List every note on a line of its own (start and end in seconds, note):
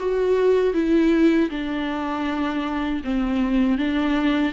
0.00 0.74 F#4
0.74 1.50 E4
1.51 3.02 D4
3.04 3.79 C4
3.79 4.53 D4